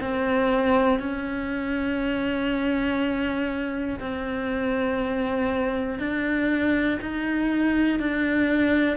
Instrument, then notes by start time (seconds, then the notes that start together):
cello
0.00 C4
1.00 C#4
4.00 C4
5.99 D4
7.01 D#4
8.00 D4